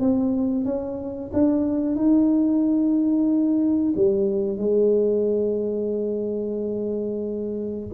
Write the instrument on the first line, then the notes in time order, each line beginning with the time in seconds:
tuba
0.00 C4
0.65 C#4
1.33 D4
1.96 D#4
3.96 G3
4.58 G#3